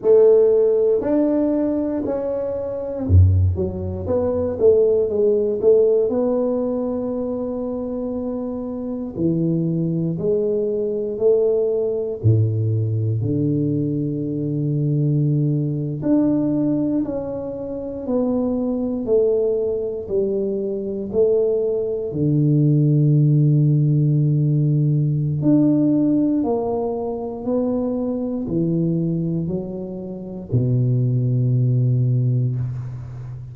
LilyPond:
\new Staff \with { instrumentName = "tuba" } { \time 4/4 \tempo 4 = 59 a4 d'4 cis'4 fis,8 fis8 | b8 a8 gis8 a8 b2~ | b4 e4 gis4 a4 | a,4 d2~ d8. d'16~ |
d'8. cis'4 b4 a4 g16~ | g8. a4 d2~ d16~ | d4 d'4 ais4 b4 | e4 fis4 b,2 | }